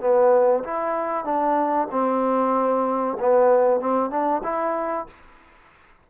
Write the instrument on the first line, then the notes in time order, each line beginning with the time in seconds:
trombone
0.00 B3
0.64 E4
1.24 D4
1.91 C4
3.20 B3
3.80 C4
4.10 D4
4.43 E4